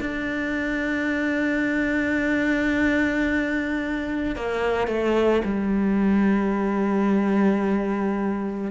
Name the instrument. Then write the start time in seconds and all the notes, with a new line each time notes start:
cello
0.00 D4
4.35 A#3
4.87 A3
5.44 G3